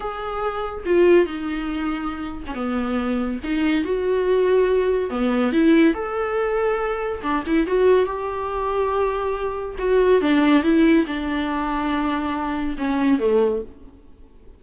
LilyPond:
\new Staff \with { instrumentName = "viola" } { \time 4/4 \tempo 4 = 141 gis'2 f'4 dis'4~ | dis'4.~ dis'16 cis'16 b2 | dis'4 fis'2. | b4 e'4 a'2~ |
a'4 d'8 e'8 fis'4 g'4~ | g'2. fis'4 | d'4 e'4 d'2~ | d'2 cis'4 a4 | }